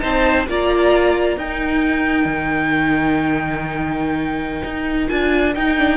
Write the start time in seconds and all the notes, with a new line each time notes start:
0.00 C4 D#4 C5 A5
0.47 A#3 F4 D5 A#5
1.37 D#4 A#4 G5
2.25 D#3
4.64 D#4
5.08 D4 F4 G#5
5.55 D#4 G5
5.78 D4